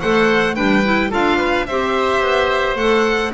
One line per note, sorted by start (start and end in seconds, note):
0.00 0.58 A3
0.00 0.55 A4
0.00 0.56 C5
0.00 0.55 F#5
0.55 1.12 G3
0.55 0.82 D4
0.55 1.10 B4
0.55 1.11 G5
0.84 1.11 E4
1.10 1.68 D4
1.10 1.66 F4
1.10 1.37 A4
1.10 1.66 F5
1.37 1.65 B4
1.66 2.21 C4
1.66 2.77 G4
1.66 3.33 C5
1.66 2.76 E5
2.21 2.75 B3
2.75 3.31 A3
2.75 3.33 A4
2.75 3.32 F#5